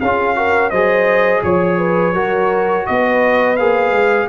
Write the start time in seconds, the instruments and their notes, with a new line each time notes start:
0.00 tuba C#4, trombone F4, horn G#4, trumpet F5
0.35 trombone F#4, horn A#4
0.70 tuba F#3, trombone G#4, horn C5, trumpet D#5
1.43 tuba F3, trumpet C#5, horn C#5
1.79 horn B4
2.14 tuba F#3, trombone F#4, horn A#4
2.86 tuba B3, horn B4, trumpet D#5
3.56 tuba A#3, trombone G#4, trumpet F5
3.91 tuba G#3